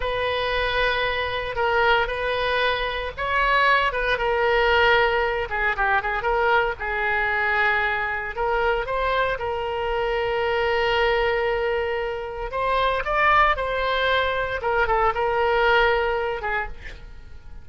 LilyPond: \new Staff \with { instrumentName = "oboe" } { \time 4/4 \tempo 4 = 115 b'2. ais'4 | b'2 cis''4. b'8 | ais'2~ ais'8 gis'8 g'8 gis'8 | ais'4 gis'2. |
ais'4 c''4 ais'2~ | ais'1 | c''4 d''4 c''2 | ais'8 a'8 ais'2~ ais'8 gis'8 | }